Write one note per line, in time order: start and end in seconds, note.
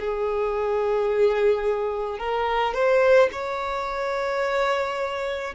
0.00 2.19 G#4
2.19 2.74 A#4
2.74 3.30 C5
3.33 5.55 C#5